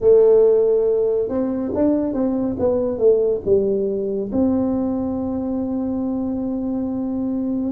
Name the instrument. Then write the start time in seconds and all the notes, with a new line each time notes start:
tuba
0.00 A3
1.28 C4
1.74 D4
2.13 C4
2.59 B3
2.98 A3
3.45 G3
4.31 C4